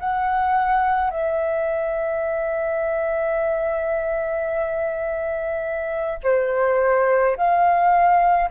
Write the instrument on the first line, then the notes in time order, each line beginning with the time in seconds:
flute
0.00 F#5
1.11 E5
6.24 C5
7.37 F5